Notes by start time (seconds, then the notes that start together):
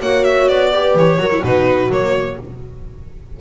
0.00 A#3 F#4 C#5 F#5
0.24 E5
0.48 B3 D5
0.72 G4 B4
0.95 E3 C#5
1.18 F#3 F#4 A#4
1.32 E4
1.43 B2 D#4 F#4 B4
1.89 F#3 A#3 C#5